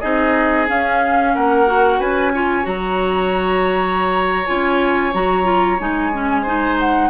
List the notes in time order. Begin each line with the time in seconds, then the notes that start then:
0.00 C4 D#4 G#4 D#5
0.67 C#4 F5
1.34 A#3 A#4 F#5
1.66 F#4
1.99 C#4 B4 G#5
2.33 F4 C#5
2.63 F#3 F#4 A#5
4.46 C#4 F4 G#5
5.13 F#3 F#4 A#5
5.44 F4
5.79 G#3 D#4 G#5
6.12 C#4
6.42 D#4 C5
6.79 F#5